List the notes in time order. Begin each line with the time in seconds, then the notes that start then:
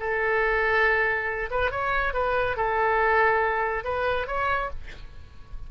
0.00 A4
1.51 B4
1.71 C#5
2.14 B4
2.57 A4
3.84 B4
4.27 C#5